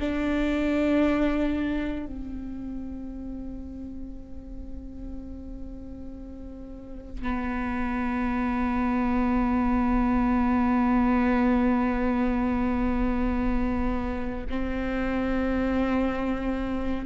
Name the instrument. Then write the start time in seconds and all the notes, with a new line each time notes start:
viola
0.00 D4
2.06 C4
7.23 B3
14.50 C4